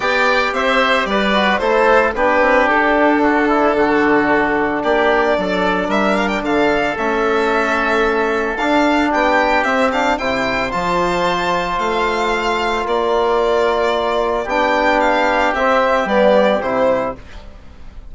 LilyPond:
<<
  \new Staff \with { instrumentName = "violin" } { \time 4/4 \tempo 4 = 112 g''4 e''4 d''4 c''4 | b'4 a'2.~ | a'4 d''2 e''8 f''16 g''16 | f''4 e''2. |
f''4 g''4 e''8 f''8 g''4 | a''2 f''2 | d''2. g''4 | f''4 e''4 d''4 c''4 | }
  \new Staff \with { instrumentName = "oboe" } { \time 4/4 d''4 c''4 b'4 a'4 | g'2 fis'8 e'8 fis'4~ | fis'4 g'4 a'4 ais'4 | a'1~ |
a'4 g'2 c''4~ | c''1 | ais'2. g'4~ | g'1 | }
  \new Staff \with { instrumentName = "trombone" } { \time 4/4 g'2~ g'8 fis'8 e'4 | d'1~ | d'1~ | d'4 cis'2. |
d'2 c'8 d'8 e'4 | f'1~ | f'2. d'4~ | d'4 c'4 b4 e'4 | }
  \new Staff \with { instrumentName = "bassoon" } { \time 4/4 b4 c'4 g4 a4 | b8 c'8 d'2 d4~ | d4 ais4 fis4 g4 | d4 a2. |
d'4 b4 c'4 c4 | f2 a2 | ais2. b4~ | b4 c'4 g4 c4 | }
>>